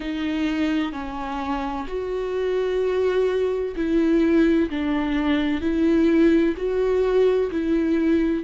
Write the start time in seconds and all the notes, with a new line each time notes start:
0.00 D#4
0.92 C#4
1.87 F#4
3.75 E4
4.70 D4
5.61 E4
6.56 F#4
7.51 E4